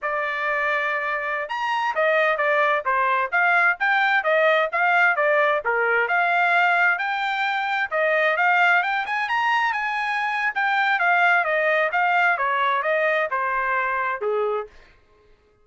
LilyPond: \new Staff \with { instrumentName = "trumpet" } { \time 4/4 \tempo 4 = 131 d''2.~ d''16 ais''8.~ | ais''16 dis''4 d''4 c''4 f''8.~ | f''16 g''4 dis''4 f''4 d''8.~ | d''16 ais'4 f''2 g''8.~ |
g''4~ g''16 dis''4 f''4 g''8 gis''16~ | gis''16 ais''4 gis''4.~ gis''16 g''4 | f''4 dis''4 f''4 cis''4 | dis''4 c''2 gis'4 | }